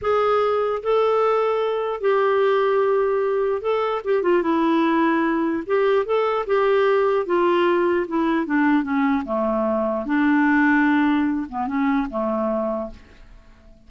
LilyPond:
\new Staff \with { instrumentName = "clarinet" } { \time 4/4 \tempo 4 = 149 gis'2 a'2~ | a'4 g'2.~ | g'4 a'4 g'8 f'8 e'4~ | e'2 g'4 a'4 |
g'2 f'2 | e'4 d'4 cis'4 a4~ | a4 d'2.~ | d'8 b8 cis'4 a2 | }